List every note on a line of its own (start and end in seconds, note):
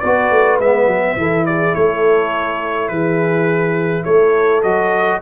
0.00 0.31 B3
0.00 0.61 F#4
0.00 1.15 B4
0.00 0.58 D5
0.31 0.60 A3
0.60 0.87 G#3
0.60 1.18 B3
0.60 1.46 E5
0.87 1.16 F#3
1.17 1.74 E3
1.17 4.64 E4
1.17 1.47 A4
1.46 1.77 G#4
1.46 1.75 D5
1.75 2.90 A3
1.75 2.92 A4
1.75 2.89 C#5
2.89 4.05 E3
2.89 4.04 G#4
2.89 4.04 B4
4.04 4.64 A3
4.04 5.20 A4
4.04 4.62 C#5
4.63 5.22 F#3
4.63 5.22 F#4
4.63 5.21 D#5